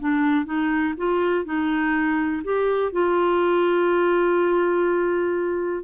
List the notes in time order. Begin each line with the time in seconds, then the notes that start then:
0.00 D4
0.46 D#4
0.98 F4
1.45 D#4
2.44 G4
2.93 F4